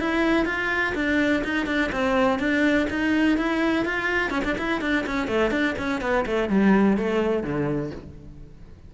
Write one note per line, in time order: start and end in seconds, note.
0.00 0.46 E4
0.46 0.94 F4
0.95 1.43 D4
1.44 1.66 D#4
1.66 1.90 D4
1.92 2.39 C4
2.39 2.87 D4
2.90 3.38 D#4
3.38 3.85 E4
3.85 4.30 F4
4.30 4.42 C#4
4.44 4.56 D4
4.58 4.81 E4
4.81 5.05 D4
5.06 5.27 C#4
5.27 5.51 A3
5.51 5.75 D4
5.78 6.01 C#4
6.01 6.25 B3
6.26 6.50 A3
6.50 6.97 G3
6.97 7.43 A3
7.43 7.91 D3